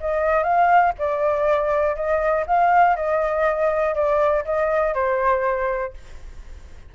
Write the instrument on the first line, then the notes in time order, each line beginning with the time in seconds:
flute
0.00 D#5
0.43 F5
0.98 D5
1.95 D#5
2.47 F5
2.96 D#5
3.94 D5
4.44 D#5
4.94 C5